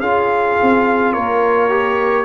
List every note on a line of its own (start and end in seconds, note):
0.00 0.57 C#4
0.00 1.70 F4
0.00 1.13 G#4
0.00 1.13 F5
0.62 1.16 C4
1.13 2.25 A#3
1.13 2.25 A#4
1.13 2.25 C#5
1.70 2.25 G4